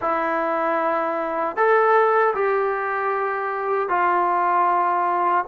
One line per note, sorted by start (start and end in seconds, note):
0.01 1.56 E4
1.56 2.34 A4
2.34 3.89 G4
3.89 5.44 F4